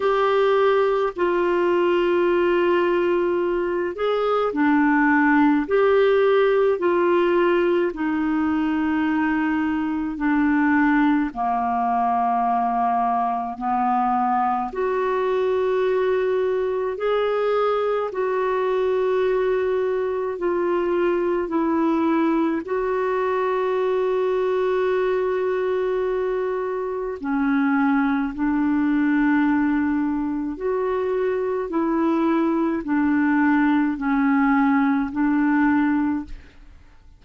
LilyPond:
\new Staff \with { instrumentName = "clarinet" } { \time 4/4 \tempo 4 = 53 g'4 f'2~ f'8 gis'8 | d'4 g'4 f'4 dis'4~ | dis'4 d'4 ais2 | b4 fis'2 gis'4 |
fis'2 f'4 e'4 | fis'1 | cis'4 d'2 fis'4 | e'4 d'4 cis'4 d'4 | }